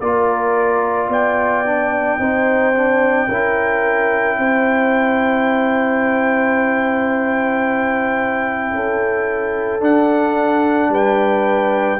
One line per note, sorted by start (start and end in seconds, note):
0.00 1.08 A#3
0.00 1.65 F4
0.00 1.09 A#4
0.00 1.09 D5
1.08 2.17 B3
1.08 2.18 D5
1.08 9.83 G5
1.65 2.19 D4
2.19 3.28 C4
2.19 2.74 D#4
2.19 3.28 C5
2.74 3.29 D4
3.28 4.37 C#4
3.28 9.81 E4
3.28 4.37 A#4
4.37 8.73 C4
4.37 8.74 C5
8.73 9.80 C#4
8.73 10.91 A4
9.80 10.89 D4
9.80 11.99 D4
9.80 10.92 F#5
10.89 11.98 G3
10.89 11.99 B4
10.89 11.99 G5